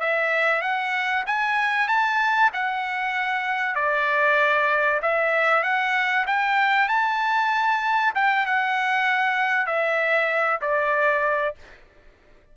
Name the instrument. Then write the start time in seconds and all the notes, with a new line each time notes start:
trumpet
0.00 E5
0.61 F#5
1.26 G#5
1.88 A5
2.53 F#5
3.75 D5
5.02 E5
5.63 F#5
6.27 G5
6.88 A5
8.15 G5
8.46 F#5
9.66 E5
10.61 D5